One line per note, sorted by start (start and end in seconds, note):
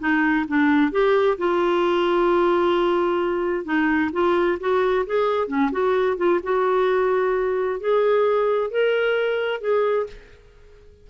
0.00 0.46 D#4
0.49 0.92 D4
0.92 1.38 G4
1.38 3.65 F4
3.65 4.11 D#4
4.13 4.59 F4
4.60 5.06 F#4
5.07 5.48 G#4
5.48 5.71 C#4
5.72 6.17 F#4
6.17 6.40 F4
6.44 7.80 F#4
7.80 8.71 G#4
8.71 9.61 A#4
9.61 10.07 G#4